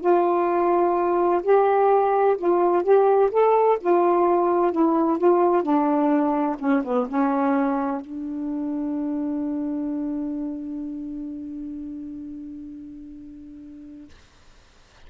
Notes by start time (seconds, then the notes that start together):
0.00 F4
1.42 G4
2.37 F4
2.83 G4
3.31 A4
3.80 F4
4.71 E4
5.18 F4
5.62 D4
6.58 C#4
6.84 B3
7.08 C#4
8.00 D4